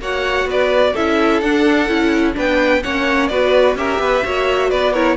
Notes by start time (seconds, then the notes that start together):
0.00 A#3 F#4 C#5 F#5
0.46 B3 B4 D5
0.94 C#4 E4 A4 E5
1.41 D4 F#5
1.89 C#4 E4
2.34 B3 D4 B4 G5
2.83 A#3 C#4 C#5 F#5
3.28 B3 F#4 B4 D5
3.76 C#4 G4 A#4 E5
4.00 B3 B4
4.23 A#3 F#4 C#5
4.71 B3 B4 D5
4.93 E4 A#4 C#5